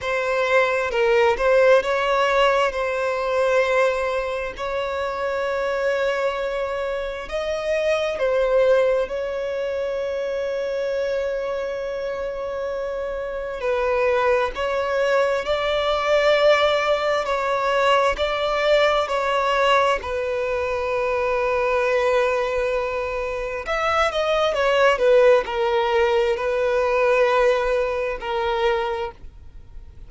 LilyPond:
\new Staff \with { instrumentName = "violin" } { \time 4/4 \tempo 4 = 66 c''4 ais'8 c''8 cis''4 c''4~ | c''4 cis''2. | dis''4 c''4 cis''2~ | cis''2. b'4 |
cis''4 d''2 cis''4 | d''4 cis''4 b'2~ | b'2 e''8 dis''8 cis''8 b'8 | ais'4 b'2 ais'4 | }